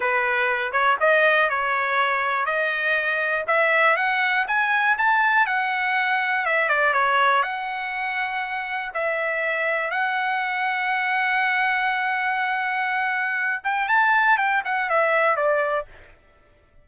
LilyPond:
\new Staff \with { instrumentName = "trumpet" } { \time 4/4 \tempo 4 = 121 b'4. cis''8 dis''4 cis''4~ | cis''4 dis''2 e''4 | fis''4 gis''4 a''4 fis''4~ | fis''4 e''8 d''8 cis''4 fis''4~ |
fis''2 e''2 | fis''1~ | fis''2.~ fis''8 g''8 | a''4 g''8 fis''8 e''4 d''4 | }